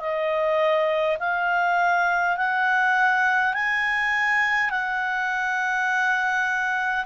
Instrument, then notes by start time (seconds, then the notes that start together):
clarinet
0.00 D#5
1.20 F5
2.37 F#5
3.54 G#5
4.71 F#5